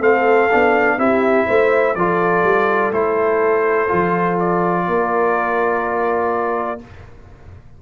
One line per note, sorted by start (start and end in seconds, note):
0.00 0.49 A3
0.00 0.49 C4
0.00 0.97 A4
0.00 0.99 F5
0.52 0.98 B3
0.52 0.99 D4
0.98 1.47 C4
0.98 1.96 E4
0.98 1.47 G4
0.98 1.95 E5
1.47 1.96 A3
1.47 1.95 C5
1.95 2.44 F3
1.95 2.93 F4
1.95 4.87 A4
1.95 2.92 D5
2.44 2.91 G3
2.91 3.88 A3
2.91 3.88 E4
2.91 4.39 C5
3.88 4.87 F3
3.88 6.79 F4
4.40 6.81 D5
4.87 6.81 A#3
4.87 6.82 A#4